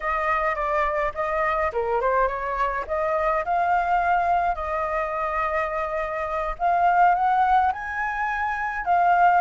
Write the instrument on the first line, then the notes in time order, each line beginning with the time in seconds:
flute
0.00 D#5
0.55 D5
1.14 D#5
1.72 A#4
2.01 C5
2.27 C#5
2.87 D#5
3.44 F5
4.55 D#5
6.58 F5
7.15 F#5
7.72 G#5
8.85 F5